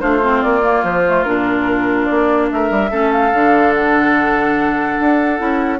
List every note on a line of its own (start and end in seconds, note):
0.00 0.43 A3
0.00 0.21 D4
0.00 2.49 F4
0.00 0.41 C5
0.22 0.62 C4
0.42 0.83 A#3
0.42 0.83 D5
0.62 1.03 A#3
0.83 1.24 F3
0.83 1.23 C5
1.06 1.25 A3
1.23 2.09 A#2
1.23 2.90 D4
1.23 2.05 A#4
2.05 2.51 A#3
2.05 2.47 D5
2.51 2.70 A3
2.51 2.91 A#4
2.51 3.11 E5
2.70 2.91 G3
2.90 3.33 A3
2.90 3.32 C#4
2.90 5.79 A4
3.11 3.73 F5
3.33 4.98 D3
3.33 5.37 D4
3.74 5.79 F#5
4.99 5.40 D4
5.37 5.79 C#4
5.37 5.78 E4